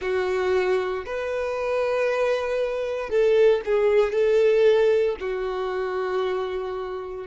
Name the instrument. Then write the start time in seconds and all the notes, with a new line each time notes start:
violin
0.01 F#4
1.05 B4
3.09 A4
3.64 G#4
4.12 A4
5.20 F#4